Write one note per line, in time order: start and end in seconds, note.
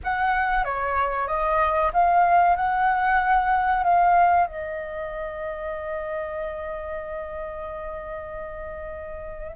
0.03 0.64 F#5
0.64 1.27 C#5
1.27 1.91 D#5
1.93 2.55 F5
2.55 3.83 F#5
3.83 4.47 F5
4.47 9.55 D#5